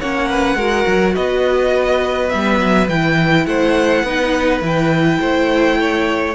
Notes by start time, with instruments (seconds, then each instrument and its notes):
0.00 cello A#3, viola C#4, violin C#5 F#5
0.30 violin B4
0.56 cello G#3, viola F#4, violin A#4
0.87 cello F#3
1.15 cello B3, violin B4 D#5
2.30 cello G3, viola B3, violin E5
2.59 cello F#3
2.89 cello E3, viola E4, violin G5
3.47 cello A3, violin C5 F#5
4.04 cello B3, viola D#4, violin B4
4.61 cello E3, viola E4, violin G5
5.21 cello A3, violin C5
5.81 violin C#5